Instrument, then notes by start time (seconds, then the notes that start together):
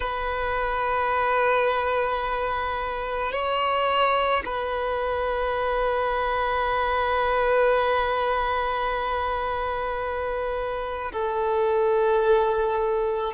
violin
0.00 B4
3.32 C#5
4.45 B4
11.12 A4